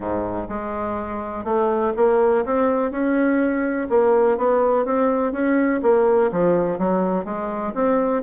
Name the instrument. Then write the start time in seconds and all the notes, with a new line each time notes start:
bassoon
0.00 G#2
0.48 G#3
1.44 A3
1.96 A#3
2.45 C4
2.91 C#4
3.89 A#3
4.37 B3
4.85 C4
5.32 C#4
5.82 A#3
6.31 F3
6.78 F#3
7.24 G#3
7.74 C4